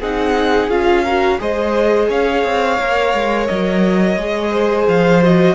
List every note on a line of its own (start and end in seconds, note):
0.00 0.69 C4
0.00 0.71 D#4
0.00 1.04 G#4
0.00 0.70 F#5
0.69 1.39 C#4
0.69 1.06 F4
0.69 1.40 F5
1.04 1.39 F#4
1.04 1.39 A#4
1.39 2.10 G#3
1.39 2.79 G#4
1.39 2.09 C5
1.39 2.11 D#5
2.09 2.45 C#4
2.09 4.51 C#5
2.09 3.47 F5
2.45 2.80 C4
2.80 3.14 A#3
2.80 4.19 A#4
3.14 3.49 G#3
3.47 4.17 F#3
3.47 4.87 D#5
4.17 4.87 G#3
4.17 5.23 G#4
4.51 5.55 C5
4.87 5.55 F3
4.87 5.23 F5
5.23 5.55 F#4
5.23 5.55 D#5